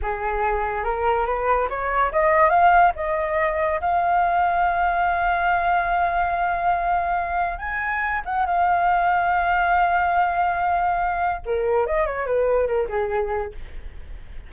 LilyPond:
\new Staff \with { instrumentName = "flute" } { \time 4/4 \tempo 4 = 142 gis'2 ais'4 b'4 | cis''4 dis''4 f''4 dis''4~ | dis''4 f''2.~ | f''1~ |
f''2 gis''4. fis''8 | f''1~ | f''2. ais'4 | dis''8 cis''8 b'4 ais'8 gis'4. | }